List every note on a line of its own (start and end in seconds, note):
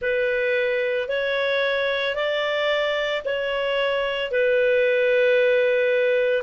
0.01 1.08 B4
1.08 2.15 C#5
2.15 3.22 D5
3.24 4.31 C#5
4.31 6.42 B4